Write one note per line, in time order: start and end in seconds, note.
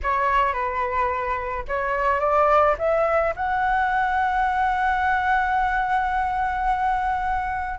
0.02 0.53 C#5
0.53 1.64 B4
1.67 2.19 C#5
2.19 2.75 D5
2.78 3.34 E5
3.36 7.79 F#5